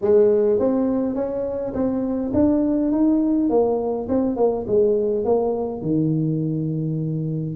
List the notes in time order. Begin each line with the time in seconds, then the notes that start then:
0.01 G#3
0.59 C4
1.15 C#4
1.73 C4
2.33 D4
2.91 D#4
3.49 A#3
4.08 C4
4.36 A#3
4.67 G#3
5.24 A#3
5.81 D#3